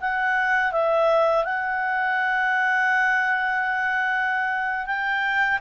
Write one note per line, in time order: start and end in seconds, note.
0.00 0.72 F#5
0.72 1.44 E5
1.44 4.86 F#5
4.86 5.59 G5